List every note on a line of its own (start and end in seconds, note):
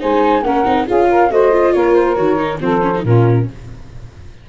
0.00 0.42 G#3
0.00 0.43 D#4
0.00 0.43 C5
0.00 0.43 G#5
0.42 0.64 A#3
0.42 0.65 C#4
0.42 0.86 A#4
0.42 0.86 F#5
0.65 0.87 C4
0.65 0.87 D#4
0.86 1.30 C#4
0.86 1.30 F4
0.86 1.08 G#4
0.86 1.32 F5
1.10 1.31 A#4
1.30 1.73 A3
1.30 1.52 F#4
1.30 1.74 C5
1.30 1.73 D#5
1.52 2.16 F4
1.73 2.17 A#3
1.73 2.60 A#4
1.73 1.95 C#5
1.95 2.16 C5
2.16 2.60 D#3
2.16 2.37 F#4
2.16 2.59 C#5
2.37 2.58 D#4
2.60 3.04 F3
2.60 2.82 C4
2.60 3.04 A4
2.60 3.04 C5
2.82 2.93 C#4
2.96 3.06 D#4
3.04 3.47 A#2
3.04 3.49 C#4
3.04 3.47 F4
3.04 3.48 A#4